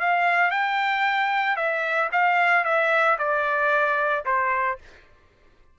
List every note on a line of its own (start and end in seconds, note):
0.00 0.51 F5
0.51 1.57 G5
1.57 2.10 E5
2.12 2.65 F5
2.65 3.18 E5
3.19 4.25 D5
4.25 4.78 C5